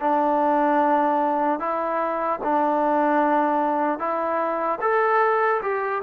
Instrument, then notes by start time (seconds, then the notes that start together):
trombone
0.00 D4
1.60 E4
2.44 D4
3.99 E4
4.81 A4
5.62 G4